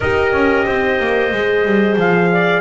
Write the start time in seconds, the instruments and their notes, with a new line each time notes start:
0.00 double bass D#4, horn G4, clarinet A#4, trumpet D#5
0.32 double bass C#4
0.66 double bass C4, clarinet C5
0.99 double bass A#3
1.32 double bass G#3, horn G#4
1.65 double bass G3
1.95 double bass F3, trumpet F5
2.31 clarinet D5